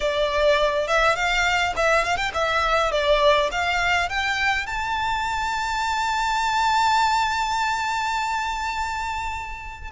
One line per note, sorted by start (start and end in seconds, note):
0.00 0.87 D5
0.87 1.15 E5
1.15 1.73 F5
1.76 2.04 E5
2.04 2.16 F5
2.16 2.31 G5
2.34 2.91 E5
2.91 3.50 D5
3.51 4.09 F5
4.09 4.66 G5
4.66 9.90 A5